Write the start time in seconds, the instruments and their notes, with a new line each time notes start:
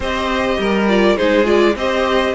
0.00 cello C4, viola G4, violin C5 D#5
0.58 cello G3, violin A#4
0.88 viola F4, violin D5
1.17 cello G#3, viola D#4, violin G#4 C5
1.44 viola F4, violin D5
1.75 cello C4, viola G4, violin C5 D#5